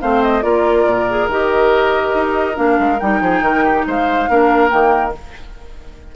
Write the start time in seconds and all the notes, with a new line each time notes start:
0.00 A3 C4 C5 F5
0.23 D#5
0.42 A#3 F4 A#4 D5
0.86 A#2
1.09 G#4
1.28 D#3 G4 D#5
2.15 D#4
2.55 A#3 D4 F5
2.79 G#3
2.99 G3 D#4 G5
3.21 F3 G#4
3.41 D#3 A#4
3.64 G4
3.87 G#3 C5 F5
4.29 A#3 D4 A#4
4.70 D#3 A#3 G5